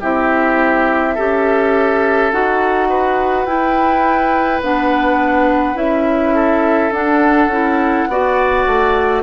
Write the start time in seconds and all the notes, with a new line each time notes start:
0.00 C4 E4 G4 E5
1.14 C#4 G4 A4
2.31 D#4 F#4 F#5
2.89 B4
3.45 E4 G5
4.61 B3 D4 F#5
5.75 C#4 E4 E5
6.34 A4
6.91 D4 F#5
7.47 C#4 E4
8.08 B3 F#4 D5
8.66 A3